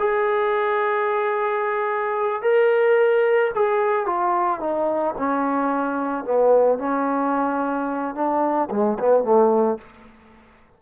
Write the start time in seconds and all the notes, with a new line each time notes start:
0.00 G#4
2.42 A#4
3.56 G#4
4.06 F4
4.61 D#4
5.18 C#4
6.25 B3
6.79 C#4
8.15 D4
8.71 G#3
9.00 B3
9.24 A3